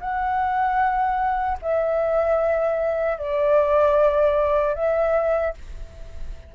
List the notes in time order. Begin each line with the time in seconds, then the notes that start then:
0.00 F#5
1.61 E5
3.18 D5
4.75 E5